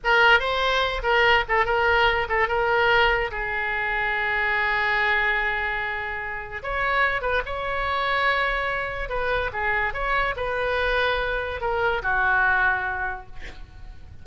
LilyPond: \new Staff \with { instrumentName = "oboe" } { \time 4/4 \tempo 4 = 145 ais'4 c''4. ais'4 a'8 | ais'4. a'8 ais'2 | gis'1~ | gis'1 |
cis''4. b'8 cis''2~ | cis''2 b'4 gis'4 | cis''4 b'2. | ais'4 fis'2. | }